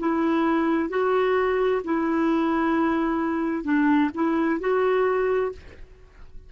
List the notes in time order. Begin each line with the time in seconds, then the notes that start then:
0.00 E4
0.90 F#4
1.85 E4
3.65 D4
4.15 E4
4.61 F#4